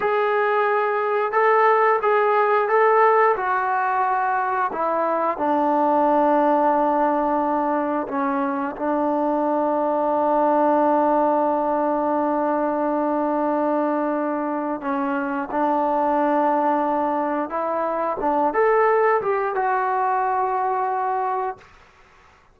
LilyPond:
\new Staff \with { instrumentName = "trombone" } { \time 4/4 \tempo 4 = 89 gis'2 a'4 gis'4 | a'4 fis'2 e'4 | d'1 | cis'4 d'2.~ |
d'1~ | d'2 cis'4 d'4~ | d'2 e'4 d'8 a'8~ | a'8 g'8 fis'2. | }